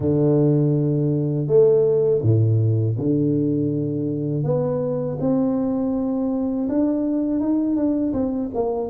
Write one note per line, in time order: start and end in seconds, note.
0.00 1.46 D3
1.46 2.21 A3
2.22 2.96 A2
2.98 4.43 D3
4.43 5.17 B3
5.20 6.68 C4
6.69 7.39 D4
7.39 7.75 D#4
7.75 8.12 D4
8.13 8.50 C4
8.54 8.90 A#3